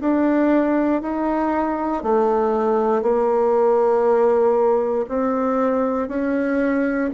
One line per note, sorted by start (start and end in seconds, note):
0.00 1.02 D4
1.02 2.03 D#4
2.03 3.02 A3
3.02 5.06 A#3
5.09 6.08 C4
6.08 7.10 C#4